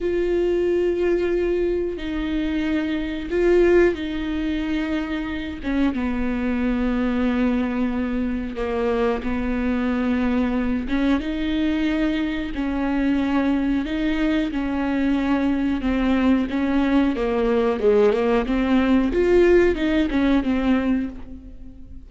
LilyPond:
\new Staff \with { instrumentName = "viola" } { \time 4/4 \tempo 4 = 91 f'2. dis'4~ | dis'4 f'4 dis'2~ | dis'8 cis'8 b2.~ | b4 ais4 b2~ |
b8 cis'8 dis'2 cis'4~ | cis'4 dis'4 cis'2 | c'4 cis'4 ais4 gis8 ais8 | c'4 f'4 dis'8 cis'8 c'4 | }